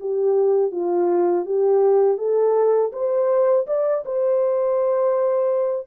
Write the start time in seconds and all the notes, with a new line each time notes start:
0.00 G4
0.72 F4
1.45 G4
2.18 A4
2.93 C5
3.67 D5
4.05 C5